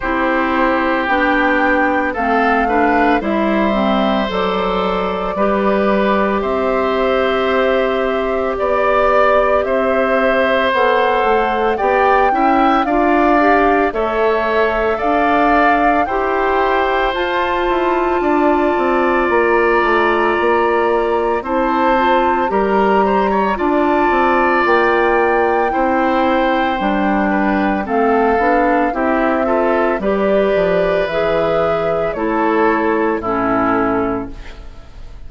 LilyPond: <<
  \new Staff \with { instrumentName = "flute" } { \time 4/4 \tempo 4 = 56 c''4 g''4 f''4 e''4 | d''2 e''2 | d''4 e''4 fis''4 g''4 | f''4 e''4 f''4 g''4 |
a''2 ais''2 | a''4 ais''4 a''4 g''4~ | g''2 f''4 e''4 | d''4 e''4 cis''4 a'4 | }
  \new Staff \with { instrumentName = "oboe" } { \time 4/4 g'2 a'8 b'8 c''4~ | c''4 b'4 c''2 | d''4 c''2 d''8 e''8 | d''4 cis''4 d''4 c''4~ |
c''4 d''2. | c''4 ais'8 c''16 cis''16 d''2 | c''4. b'8 a'4 g'8 a'8 | b'2 a'4 e'4 | }
  \new Staff \with { instrumentName = "clarinet" } { \time 4/4 e'4 d'4 c'8 d'8 e'8 c'8 | a'4 g'2.~ | g'2 a'4 g'8 e'8 | f'8 g'8 a'2 g'4 |
f'1 | e'8 f'8 g'4 f'2 | e'4 d'4 c'8 d'8 e'8 f'8 | g'4 gis'4 e'4 cis'4 | }
  \new Staff \with { instrumentName = "bassoon" } { \time 4/4 c'4 b4 a4 g4 | fis4 g4 c'2 | b4 c'4 b8 a8 b8 cis'8 | d'4 a4 d'4 e'4 |
f'8 e'8 d'8 c'8 ais8 a8 ais4 | c'4 g4 d'8 c'8 ais4 | c'4 g4 a8 b8 c'4 | g8 f8 e4 a4 a,4 | }
>>